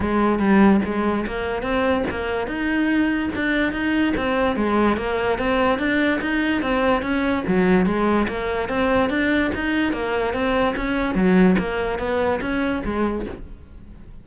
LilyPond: \new Staff \with { instrumentName = "cello" } { \time 4/4 \tempo 4 = 145 gis4 g4 gis4 ais4 | c'4 ais4 dis'2 | d'4 dis'4 c'4 gis4 | ais4 c'4 d'4 dis'4 |
c'4 cis'4 fis4 gis4 | ais4 c'4 d'4 dis'4 | ais4 c'4 cis'4 fis4 | ais4 b4 cis'4 gis4 | }